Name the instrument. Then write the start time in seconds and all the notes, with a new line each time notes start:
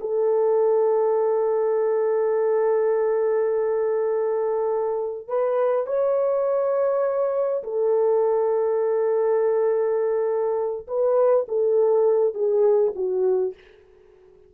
horn
0.00 A4
5.27 B4
5.86 C#5
7.63 A4
10.87 B4
11.48 A4
12.34 G#4
12.95 F#4